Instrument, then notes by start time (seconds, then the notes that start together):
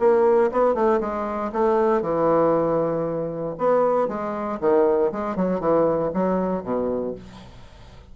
bassoon
0.00 A#3
0.52 B3
0.75 A3
1.01 G#3
1.53 A3
2.02 E3
3.58 B3
4.08 G#3
4.61 D#3
5.12 G#3
5.36 F#3
5.61 E3
6.14 F#3
6.64 B2